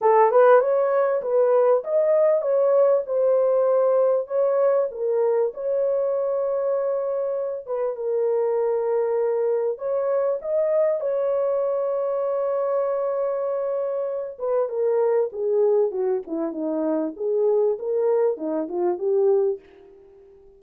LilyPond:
\new Staff \with { instrumentName = "horn" } { \time 4/4 \tempo 4 = 98 a'8 b'8 cis''4 b'4 dis''4 | cis''4 c''2 cis''4 | ais'4 cis''2.~ | cis''8 b'8 ais'2. |
cis''4 dis''4 cis''2~ | cis''2.~ cis''8 b'8 | ais'4 gis'4 fis'8 e'8 dis'4 | gis'4 ais'4 dis'8 f'8 g'4 | }